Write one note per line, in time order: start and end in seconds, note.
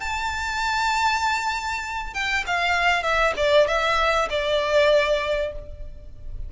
0.00 2.13 A5
2.13 2.44 G5
2.46 3.03 F5
3.03 3.33 E5
3.36 3.67 D5
3.67 4.28 E5
4.29 5.52 D5